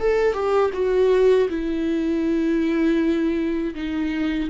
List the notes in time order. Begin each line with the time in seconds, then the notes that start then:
0.00 A4
0.33 G4
0.74 F#4
1.49 E4
3.75 D#4